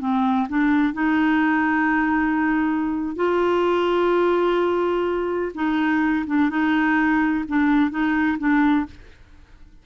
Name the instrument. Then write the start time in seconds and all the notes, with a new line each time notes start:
clarinet
0.00 C4
0.49 D4
0.93 D#4
3.16 F4
5.54 D#4
6.26 D4
6.50 D#4
7.48 D4
7.90 D#4
8.38 D4